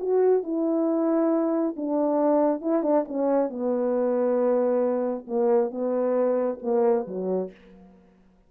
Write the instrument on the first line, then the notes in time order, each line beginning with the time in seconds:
horn
0.00 F#4
0.43 E4
1.76 D4
2.61 E4
2.83 D4
3.08 C#4
3.50 B3
5.27 A#3
5.71 B3
6.62 A#3
7.07 F#3